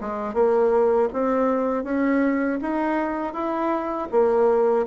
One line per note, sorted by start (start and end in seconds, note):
0.00 0.33 G#3
0.33 1.08 A#3
1.12 1.83 C4
1.83 2.58 C#4
2.61 3.33 D#4
3.33 4.08 E4
4.11 4.86 A#3